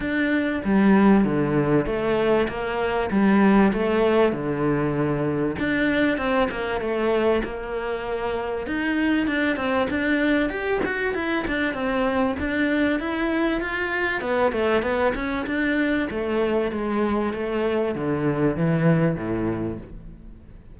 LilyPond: \new Staff \with { instrumentName = "cello" } { \time 4/4 \tempo 4 = 97 d'4 g4 d4 a4 | ais4 g4 a4 d4~ | d4 d'4 c'8 ais8 a4 | ais2 dis'4 d'8 c'8 |
d'4 g'8 fis'8 e'8 d'8 c'4 | d'4 e'4 f'4 b8 a8 | b8 cis'8 d'4 a4 gis4 | a4 d4 e4 a,4 | }